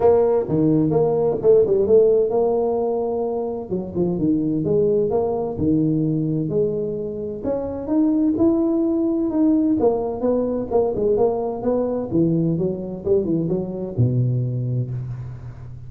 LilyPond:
\new Staff \with { instrumentName = "tuba" } { \time 4/4 \tempo 4 = 129 ais4 dis4 ais4 a8 g8 | a4 ais2. | fis8 f8 dis4 gis4 ais4 | dis2 gis2 |
cis'4 dis'4 e'2 | dis'4 ais4 b4 ais8 gis8 | ais4 b4 e4 fis4 | g8 e8 fis4 b,2 | }